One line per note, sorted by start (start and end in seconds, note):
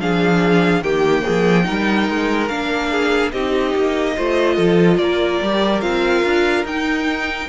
0.00 0.81 F3
0.00 0.83 D4
0.00 0.84 G#4
0.00 0.83 F5
0.81 1.23 D#3
0.81 1.64 A#3
0.81 1.24 G4
0.81 2.48 G5
1.24 1.69 F3
1.24 1.65 G#4
1.64 2.09 G3
1.64 2.47 D#4
1.64 2.91 A#4
2.09 2.50 G#3
2.48 3.33 A#3
2.48 3.33 D4
2.48 3.32 F5
2.91 3.33 G#4
3.32 3.75 C4
3.32 4.18 D#4
3.32 4.16 G4
3.32 4.98 D#5
3.75 4.17 A#3
4.16 4.58 A3
4.16 5.43 F4
4.16 4.56 C5
4.56 4.98 F3
4.56 4.97 A4
4.98 5.40 A#3
4.98 7.49 A#4
4.98 5.81 D5
5.42 5.82 G3
5.42 5.82 G4
5.81 6.24 C4
5.81 6.65 F4
5.81 6.65 F5
6.25 6.64 D4
6.64 7.48 D#4
6.64 7.49 D#4
6.64 7.49 G5